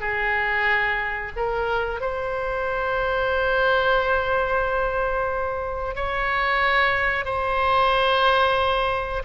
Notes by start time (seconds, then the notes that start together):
0.00 G#4
1.36 A#4
2.00 C5
5.95 C#5
7.25 C5